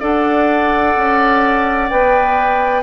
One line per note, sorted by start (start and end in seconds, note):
0.00 0.96 D4
0.00 1.88 A4
0.00 2.81 D5
0.00 1.90 F#5
0.97 1.91 C#4
1.90 2.84 B3
1.90 2.84 B4
1.90 2.83 G5